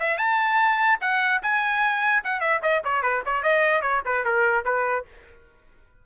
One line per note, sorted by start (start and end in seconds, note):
0.00 0.18 E5
0.18 0.99 A5
1.01 1.42 F#5
1.43 2.24 G#5
2.24 2.41 F#5
2.41 2.61 E5
2.63 2.83 D#5
2.85 3.03 C#5
3.03 3.23 B4
3.26 3.43 C#5
3.43 3.82 D#5
3.82 4.02 C#5
4.06 4.25 B4
4.25 4.65 A#4
4.65 5.05 B4